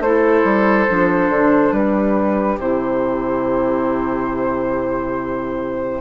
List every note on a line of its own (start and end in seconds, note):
0.00 0.43 A3
0.00 0.89 E4
0.00 1.76 A4
0.00 1.73 C5
0.44 0.87 G3
0.89 1.29 F3
0.89 2.59 D4
1.29 1.72 D3
1.72 2.58 G3
1.72 6.01 G4
1.72 2.59 B4
2.59 6.01 C3
2.59 6.01 E4
2.59 6.01 C5